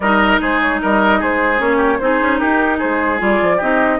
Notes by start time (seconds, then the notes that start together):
0.00 G3 D#4 A#4 D#5
0.41 G#3 G#4 C5
0.60 C#5
0.82 G3 A#4 D#5
1.19 G#3 G#4 C5
1.58 A#3 C#4 C#5
1.77 G4
1.99 C4 D#4 G#4 C5
2.21 C#4
2.39 D#4 G4 A#4
2.78 G#3 G#4 C5
3.18 G3 F4 D5
3.41 F3
3.56 C4 D#4 G4 D#5